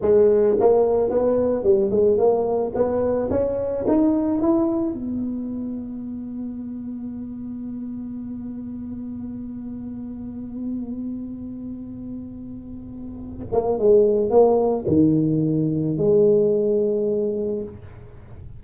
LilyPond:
\new Staff \with { instrumentName = "tuba" } { \time 4/4 \tempo 4 = 109 gis4 ais4 b4 g8 gis8 | ais4 b4 cis'4 dis'4 | e'4 b2.~ | b1~ |
b1~ | b1~ | b8 ais8 gis4 ais4 dis4~ | dis4 gis2. | }